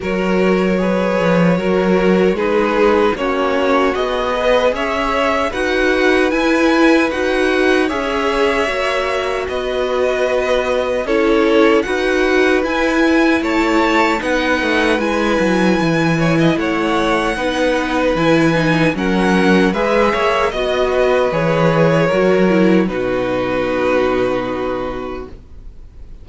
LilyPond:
<<
  \new Staff \with { instrumentName = "violin" } { \time 4/4 \tempo 4 = 76 cis''2. b'4 | cis''4 dis''4 e''4 fis''4 | gis''4 fis''4 e''2 | dis''2 cis''4 fis''4 |
gis''4 a''4 fis''4 gis''4~ | gis''4 fis''2 gis''4 | fis''4 e''4 dis''4 cis''4~ | cis''4 b'2. | }
  \new Staff \with { instrumentName = "violin" } { \time 4/4 ais'4 b'4 ais'4 gis'4 | fis'4. b'8 cis''4 b'4~ | b'2 cis''2 | b'2 a'4 b'4~ |
b'4 cis''4 b'2~ | b'8 cis''16 dis''16 cis''4 b'2 | ais'4 b'8 cis''8 dis''8 b'4. | ais'4 fis'2. | }
  \new Staff \with { instrumentName = "viola" } { \time 4/4 fis'4 gis'4 fis'4 dis'4 | cis'4 gis'2 fis'4 | e'4 fis'4 gis'4 fis'4~ | fis'2 e'4 fis'4 |
e'2 dis'4 e'4~ | e'2 dis'4 e'8 dis'8 | cis'4 gis'4 fis'4 gis'4 | fis'8 e'8 dis'2. | }
  \new Staff \with { instrumentName = "cello" } { \time 4/4 fis4. f8 fis4 gis4 | ais4 b4 cis'4 dis'4 | e'4 dis'4 cis'4 ais4 | b2 cis'4 dis'4 |
e'4 a4 b8 a8 gis8 fis8 | e4 a4 b4 e4 | fis4 gis8 ais8 b4 e4 | fis4 b,2. | }
>>